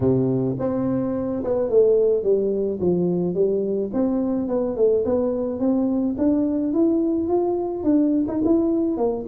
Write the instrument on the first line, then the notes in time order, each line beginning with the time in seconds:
tuba
0.00 C3
0.59 C4
1.43 B3
1.69 A3
2.23 G3
2.80 F3
3.34 G3
3.93 C4
4.48 B3
4.76 A3
5.05 B3
5.59 C4
6.17 D4
6.73 E4
7.27 F4
7.83 D4
8.28 D#4
8.44 E4
8.97 A#3